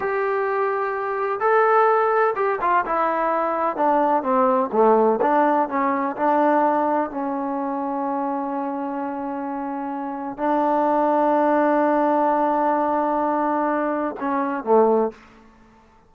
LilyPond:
\new Staff \with { instrumentName = "trombone" } { \time 4/4 \tempo 4 = 127 g'2. a'4~ | a'4 g'8 f'8 e'2 | d'4 c'4 a4 d'4 | cis'4 d'2 cis'4~ |
cis'1~ | cis'2 d'2~ | d'1~ | d'2 cis'4 a4 | }